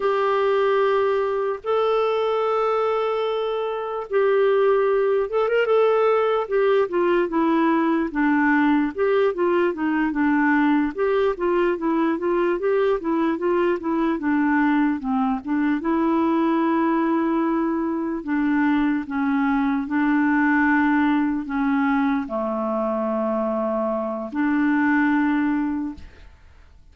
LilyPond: \new Staff \with { instrumentName = "clarinet" } { \time 4/4 \tempo 4 = 74 g'2 a'2~ | a'4 g'4. a'16 ais'16 a'4 | g'8 f'8 e'4 d'4 g'8 f'8 | dis'8 d'4 g'8 f'8 e'8 f'8 g'8 |
e'8 f'8 e'8 d'4 c'8 d'8 e'8~ | e'2~ e'8 d'4 cis'8~ | cis'8 d'2 cis'4 a8~ | a2 d'2 | }